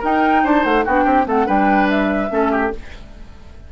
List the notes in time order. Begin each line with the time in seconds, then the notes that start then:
0.00 D#4 A#4 G5
0.44 D4 C5 A5
0.64 A3 F#5
0.85 B3 D4 F#4 G5
1.05 C4 G4
1.26 A3 C4 A4 F#5
1.46 G3 D4 B4 G5
1.90 E5
2.29 A3 C#4 A4
2.52 G4